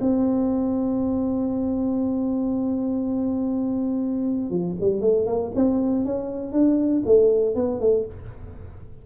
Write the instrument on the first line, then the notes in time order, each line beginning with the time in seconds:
tuba
0.00 C4
4.50 F3
4.80 G3
5.01 A3
5.26 A#3
5.55 C4
6.05 C#4
6.52 D4
7.05 A3
7.55 B3
7.80 A3